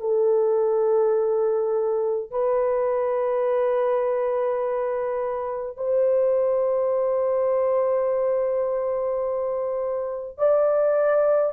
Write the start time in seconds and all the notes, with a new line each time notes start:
0.00 A4
2.31 B4
5.76 C5
10.37 D5